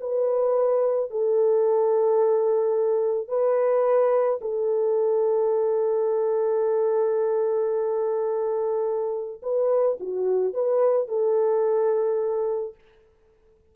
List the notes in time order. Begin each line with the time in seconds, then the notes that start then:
0.00 B4
1.10 A4
3.28 B4
4.41 A4
9.42 B4
9.99 F#4
10.53 B4
11.08 A4